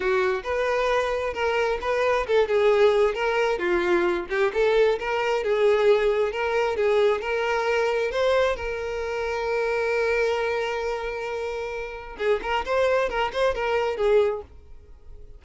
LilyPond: \new Staff \with { instrumentName = "violin" } { \time 4/4 \tempo 4 = 133 fis'4 b'2 ais'4 | b'4 a'8 gis'4. ais'4 | f'4. g'8 a'4 ais'4 | gis'2 ais'4 gis'4 |
ais'2 c''4 ais'4~ | ais'1~ | ais'2. gis'8 ais'8 | c''4 ais'8 c''8 ais'4 gis'4 | }